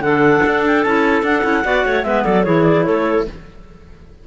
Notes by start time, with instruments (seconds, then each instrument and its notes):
0.00 cello D3, clarinet A4 F#5
0.06 clarinet D4
0.46 cello D4
0.67 clarinet G5
0.84 cello C#4, clarinet E4 A5
1.23 cello D4, clarinet D4 F#5
1.43 cello C#4, clarinet E4
1.64 cello B3, clarinet F#4 D5
1.85 cello A3, clarinet C#5
2.03 cello G#3, clarinet B3 B4 E5
2.24 cello F#3, clarinet A4 D5
2.43 cello E3, clarinet E4 G#4 C#5
2.64 clarinet D5
2.84 cello A3, clarinet A4 C#5